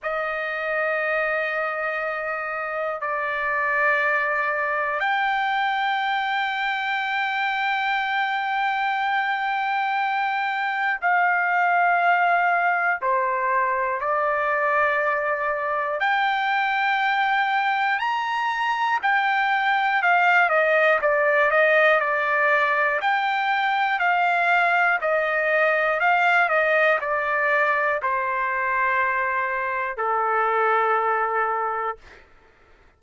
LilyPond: \new Staff \with { instrumentName = "trumpet" } { \time 4/4 \tempo 4 = 60 dis''2. d''4~ | d''4 g''2.~ | g''2. f''4~ | f''4 c''4 d''2 |
g''2 ais''4 g''4 | f''8 dis''8 d''8 dis''8 d''4 g''4 | f''4 dis''4 f''8 dis''8 d''4 | c''2 a'2 | }